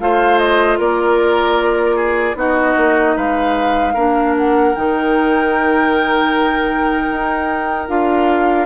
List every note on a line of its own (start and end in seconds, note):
0.00 0.79 A3
0.00 2.35 F4
0.00 0.78 C5
0.00 0.38 F5
0.38 0.78 D#5
0.78 2.35 A#3
0.78 1.96 A#4
0.78 2.38 D5
1.96 2.35 G#4
2.35 2.74 B3
2.35 3.93 D#4
2.35 3.16 F#4
2.35 3.17 D#5
2.76 3.16 A#3
3.16 3.95 G#3
3.16 3.94 B4
3.16 4.35 F5
3.94 4.74 A#3
3.94 4.75 D4
3.94 8.66 A#4
4.37 4.75 F#5
4.75 7.10 D#3
4.75 7.88 D#4
4.75 7.89 G5
7.10 7.88 D#4
7.88 8.66 D4
7.88 8.66 F4
7.88 8.66 F5